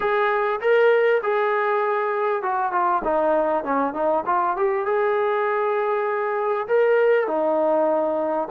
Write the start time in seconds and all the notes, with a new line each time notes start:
0.00 G#4
0.61 A#4
1.22 G#4
2.42 F#4
2.72 F4
3.04 D#4
3.64 C#4
3.93 D#4
4.26 F4
4.56 G4
4.85 G#4
6.67 A#4
7.27 D#4